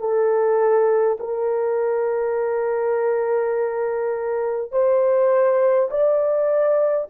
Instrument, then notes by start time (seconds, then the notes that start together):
horn
0.00 A4
1.20 A#4
4.72 C5
5.90 D5